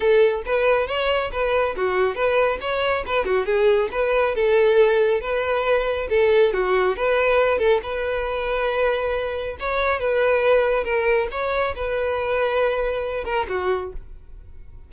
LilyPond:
\new Staff \with { instrumentName = "violin" } { \time 4/4 \tempo 4 = 138 a'4 b'4 cis''4 b'4 | fis'4 b'4 cis''4 b'8 fis'8 | gis'4 b'4 a'2 | b'2 a'4 fis'4 |
b'4. a'8 b'2~ | b'2 cis''4 b'4~ | b'4 ais'4 cis''4 b'4~ | b'2~ b'8 ais'8 fis'4 | }